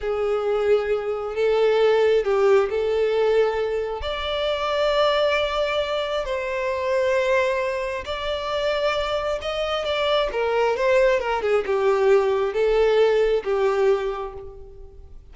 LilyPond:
\new Staff \with { instrumentName = "violin" } { \time 4/4 \tempo 4 = 134 gis'2. a'4~ | a'4 g'4 a'2~ | a'4 d''2.~ | d''2 c''2~ |
c''2 d''2~ | d''4 dis''4 d''4 ais'4 | c''4 ais'8 gis'8 g'2 | a'2 g'2 | }